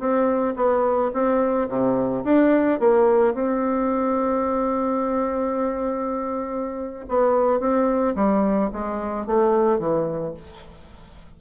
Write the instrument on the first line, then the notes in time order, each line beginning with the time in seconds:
bassoon
0.00 C4
0.57 B3
1.14 C4
1.69 C3
2.25 D4
2.80 A#3
3.35 C4
7.09 B3
7.60 C4
8.16 G3
8.73 G#3
9.27 A3
9.79 E3